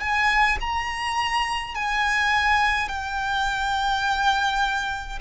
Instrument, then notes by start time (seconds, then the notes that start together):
violin
0.00 G#5
0.60 A#5
1.75 G#5
2.88 G5